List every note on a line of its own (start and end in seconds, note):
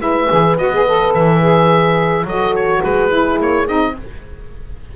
0.00 0.28 G#3
0.00 0.28 E4
0.00 2.26 B4
0.00 0.57 E5
0.29 0.58 E3
0.29 0.57 G#4
0.58 1.14 B3
0.58 0.72 F#4
0.58 1.14 D#5
0.73 0.86 G#4
0.86 1.41 A4
1.14 2.25 E3
1.14 2.26 E5
1.41 2.25 G#4
2.25 2.81 F#3
2.25 3.09 F#4
2.25 2.81 A4
2.25 2.55 D#5
2.55 2.83 C#5
2.81 3.40 G#3
2.81 3.93 G#4
2.81 3.40 B4
3.09 3.65 E4
3.40 3.68 A#3
3.40 3.68 C#5
3.67 3.96 C4
3.67 3.95 D#4
3.67 3.96 D#5